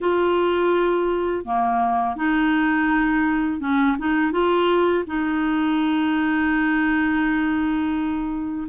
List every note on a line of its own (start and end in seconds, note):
0.00 1.45 F4
1.45 2.16 A#3
2.16 3.60 D#4
3.60 3.96 C#4
3.98 4.32 D#4
4.32 5.04 F4
5.06 8.68 D#4